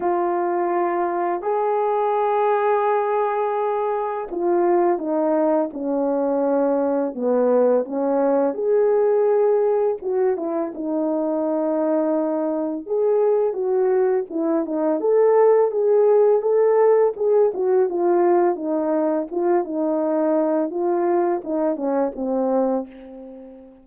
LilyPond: \new Staff \with { instrumentName = "horn" } { \time 4/4 \tempo 4 = 84 f'2 gis'2~ | gis'2 f'4 dis'4 | cis'2 b4 cis'4 | gis'2 fis'8 e'8 dis'4~ |
dis'2 gis'4 fis'4 | e'8 dis'8 a'4 gis'4 a'4 | gis'8 fis'8 f'4 dis'4 f'8 dis'8~ | dis'4 f'4 dis'8 cis'8 c'4 | }